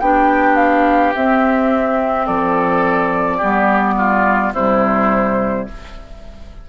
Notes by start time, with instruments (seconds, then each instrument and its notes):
0.00 bassoon B3, clarinet D4, oboe G4, flute G5
0.56 flute F5
1.15 bassoon C4, clarinet C4, flute E5
2.26 bassoon F3, oboe A4, flute D5
3.37 bassoon G3, clarinet B3, oboe G4
3.97 oboe F4
4.53 bassoon C3, clarinet G3, oboe E4, flute C5